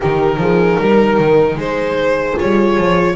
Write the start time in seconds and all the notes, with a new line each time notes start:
0.00 D#3 D#4 G4 A#4
0.37 F3 G#4
0.79 G3 A#4
1.18 D#3
1.55 G#3 G#4 C5
2.36 G3 F4 C#5
2.77 F3